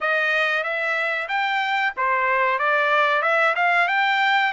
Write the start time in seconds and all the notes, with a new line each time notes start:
0.00 D#5
0.63 E5
1.28 G5
1.96 C5
2.58 D5
3.22 E5
3.55 F5
3.88 G5